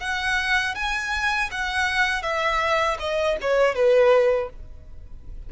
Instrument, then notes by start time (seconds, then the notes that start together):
violin
0.00 F#5
0.75 G#5
1.51 F#5
2.22 E5
2.99 D#5
3.41 C#5
3.75 B4